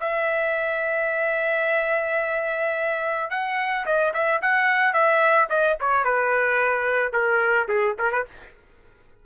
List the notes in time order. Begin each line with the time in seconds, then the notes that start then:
0.00 E5
3.30 F#5
3.86 D#5
4.13 E5
4.41 F#5
4.93 E5
5.49 D#5
5.80 C#5
6.04 B4
7.12 A#4
7.68 G#4
7.98 A#4
8.12 B4